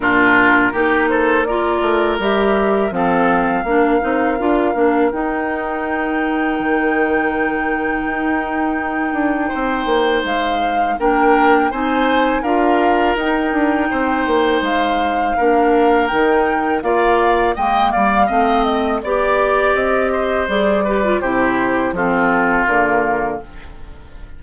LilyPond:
<<
  \new Staff \with { instrumentName = "flute" } { \time 4/4 \tempo 4 = 82 ais'4. c''8 d''4 e''4 | f''2. g''4~ | g''1~ | g''2 f''4 g''4 |
gis''4 f''4 g''2 | f''2 g''4 f''4 | g''8 f''4 dis''8 d''4 dis''4 | d''4 c''4 a'4 ais'4 | }
  \new Staff \with { instrumentName = "oboe" } { \time 4/4 f'4 g'8 a'8 ais'2 | a'4 ais'2.~ | ais'1~ | ais'4 c''2 ais'4 |
c''4 ais'2 c''4~ | c''4 ais'2 d''4 | dis''8 d''8 dis''4 d''4. c''8~ | c''8 b'8 g'4 f'2 | }
  \new Staff \with { instrumentName = "clarinet" } { \time 4/4 d'4 dis'4 f'4 g'4 | c'4 d'8 dis'8 f'8 d'8 dis'4~ | dis'1~ | dis'2. d'4 |
dis'4 f'4 dis'2~ | dis'4 d'4 dis'4 f'4 | ais4 c'4 g'2 | gis'8 g'16 f'16 e'4 c'4 ais4 | }
  \new Staff \with { instrumentName = "bassoon" } { \time 4/4 ais,4 ais4. a8 g4 | f4 ais8 c'8 d'8 ais8 dis'4~ | dis'4 dis2 dis'4~ | dis'8 d'8 c'8 ais8 gis4 ais4 |
c'4 d'4 dis'8 d'8 c'8 ais8 | gis4 ais4 dis4 ais4 | gis8 g8 a4 b4 c'4 | g4 c4 f4 d4 | }
>>